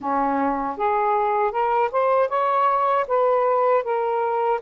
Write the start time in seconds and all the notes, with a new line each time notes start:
0.00 C#4
0.77 G#4
1.51 A#4
1.91 C5
2.29 C#5
3.07 B4
3.83 A#4